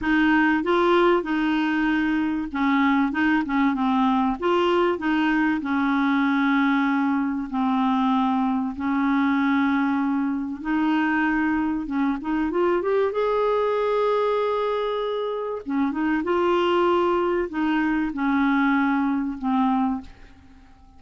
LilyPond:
\new Staff \with { instrumentName = "clarinet" } { \time 4/4 \tempo 4 = 96 dis'4 f'4 dis'2 | cis'4 dis'8 cis'8 c'4 f'4 | dis'4 cis'2. | c'2 cis'2~ |
cis'4 dis'2 cis'8 dis'8 | f'8 g'8 gis'2.~ | gis'4 cis'8 dis'8 f'2 | dis'4 cis'2 c'4 | }